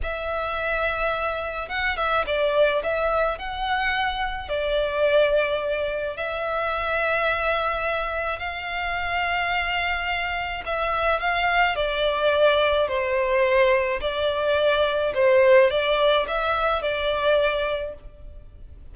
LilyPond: \new Staff \with { instrumentName = "violin" } { \time 4/4 \tempo 4 = 107 e''2. fis''8 e''8 | d''4 e''4 fis''2 | d''2. e''4~ | e''2. f''4~ |
f''2. e''4 | f''4 d''2 c''4~ | c''4 d''2 c''4 | d''4 e''4 d''2 | }